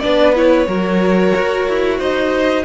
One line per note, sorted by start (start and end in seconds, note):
0.00 0.67 B3
0.00 0.35 D4
0.00 0.68 B4
0.00 0.33 D5
0.35 0.67 E4
0.35 2.00 C#5
0.67 1.33 F#3
0.67 2.65 F#4
0.67 1.98 A#4
1.36 1.69 F#4
1.69 1.99 E4
1.98 2.65 D#4
1.98 2.64 C5
1.98 2.65 D#5